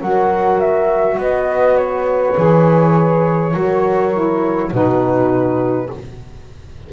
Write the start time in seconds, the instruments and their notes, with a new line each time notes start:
0.00 double bass F#3, saxophone F#4, horn A#4, flute F#5
0.60 flute E5
1.17 double bass B3, horn B4, flute D#5
1.76 flute C#5
2.35 double bass E3, saxophone G#4
3.52 double bass F#3, saxophone F#4, horn A#4
4.13 saxophone E4
4.72 double bass B2, saxophone D#4, horn F#4, flute B4